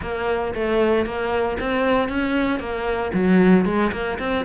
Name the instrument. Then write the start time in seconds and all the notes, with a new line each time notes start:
cello
0.01 A#3
0.54 A3
1.05 A#3
1.60 C4
2.08 C#4
2.59 A#3
3.13 F#3
3.65 G#3
3.92 A#3
4.19 C4